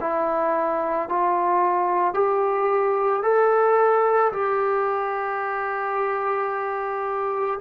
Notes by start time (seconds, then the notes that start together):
0.00 E4
1.09 F4
2.14 G4
3.23 A4
4.32 G4